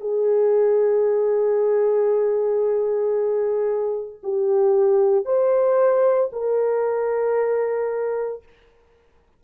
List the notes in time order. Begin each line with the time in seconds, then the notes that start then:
0.00 G#4
4.23 G4
5.25 C5
6.32 A#4